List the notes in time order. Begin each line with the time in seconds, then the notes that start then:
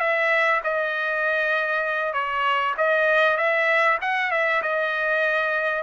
0.00 E5
0.64 D#5
2.13 C#5
2.78 D#5
3.37 E5
4.02 F#5
4.31 E5
4.63 D#5